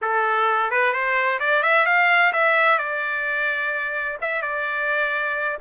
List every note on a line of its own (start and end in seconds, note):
0.01 0.70 A4
0.70 0.92 B4
0.92 1.39 C5
1.39 1.62 D5
1.62 1.86 E5
1.86 2.32 F5
2.33 2.78 E5
2.78 4.18 D5
4.21 4.41 E5
4.41 5.58 D5